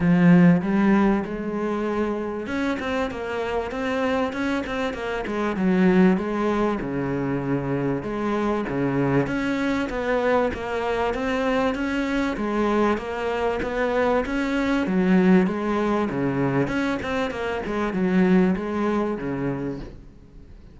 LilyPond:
\new Staff \with { instrumentName = "cello" } { \time 4/4 \tempo 4 = 97 f4 g4 gis2 | cis'8 c'8 ais4 c'4 cis'8 c'8 | ais8 gis8 fis4 gis4 cis4~ | cis4 gis4 cis4 cis'4 |
b4 ais4 c'4 cis'4 | gis4 ais4 b4 cis'4 | fis4 gis4 cis4 cis'8 c'8 | ais8 gis8 fis4 gis4 cis4 | }